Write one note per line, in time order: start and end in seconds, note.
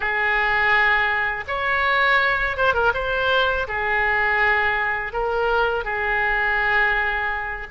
0.00 1.44 G#4
1.47 2.56 C#5
2.56 2.74 C5
2.74 2.92 A#4
2.94 3.67 C5
3.67 5.13 G#4
5.13 5.84 A#4
5.84 7.67 G#4